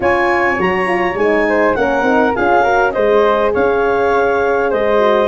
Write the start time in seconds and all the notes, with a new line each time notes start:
0.00 C#4 F4 C#5 G#5
0.58 F#3 F#4 A#5
0.86 F4
1.14 G#3 D#4 G#5
1.48 C5
1.74 A#3 C#4 A#4 F#5
2.02 C4 D#4
2.35 C#4 F4 G#4 F5
2.62 F#4 A#4
2.91 G#3 G#4 C5 D#5
3.53 C#4 C#5 F5
4.70 G#3 C5 D#5
4.98 F#4